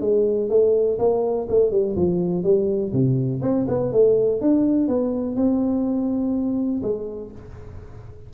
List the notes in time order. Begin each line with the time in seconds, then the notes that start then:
0.00 G#3
0.49 A3
0.98 A#3
1.49 A3
1.71 G3
1.95 F3
2.43 G3
2.92 C3
3.41 C4
3.67 B3
3.92 A3
4.41 D4
4.87 B3
5.35 C4
6.82 G#3